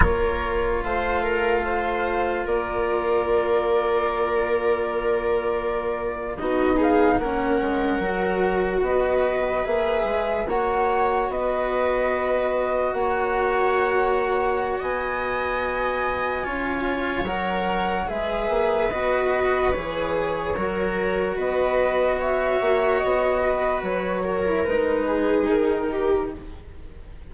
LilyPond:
<<
  \new Staff \with { instrumentName = "flute" } { \time 4/4 \tempo 4 = 73 cis''4 f''2 d''4~ | d''2.~ d''8. dis''16~ | dis''16 f''8 fis''2 dis''4 e''16~ | e''8. fis''4 dis''2 fis''16~ |
fis''2 gis''2~ | gis''4 fis''4 e''4 dis''4 | cis''2 dis''4 e''4 | dis''4 cis''4 b'4 ais'4 | }
  \new Staff \with { instrumentName = "viola" } { \time 4/4 ais'4 c''8 ais'8 c''4 ais'4~ | ais'2.~ ais'8. fis'16~ | fis'16 gis'8 ais'2 b'4~ b'16~ | b'8. cis''4 b'2 cis''16~ |
cis''2 dis''2 | cis''2 b'2~ | b'4 ais'4 b'4 cis''4~ | cis''8 b'4 ais'4 gis'4 g'8 | }
  \new Staff \with { instrumentName = "cello" } { \time 4/4 f'1~ | f'2.~ f'8. dis'16~ | dis'8. cis'4 fis'2 gis'16~ | gis'8. fis'2.~ fis'16~ |
fis'1 | f'4 ais'4 gis'4 fis'4 | gis'4 fis'2.~ | fis'4.~ fis'16 e'16 dis'2 | }
  \new Staff \with { instrumentName = "bassoon" } { \time 4/4 ais4 a2 ais4~ | ais2.~ ais8. b16~ | b8. ais8 gis8 fis4 b4 ais16~ | ais16 gis8 ais4 b2 ais16~ |
ais2 b2 | cis'4 fis4 gis8 ais8 b4 | e4 fis4 b4. ais8 | b4 fis4 gis4 dis4 | }
>>